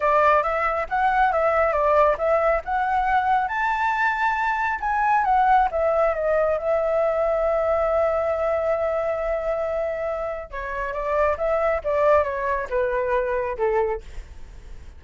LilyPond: \new Staff \with { instrumentName = "flute" } { \time 4/4 \tempo 4 = 137 d''4 e''4 fis''4 e''4 | d''4 e''4 fis''2 | a''2. gis''4 | fis''4 e''4 dis''4 e''4~ |
e''1~ | e''1 | cis''4 d''4 e''4 d''4 | cis''4 b'2 a'4 | }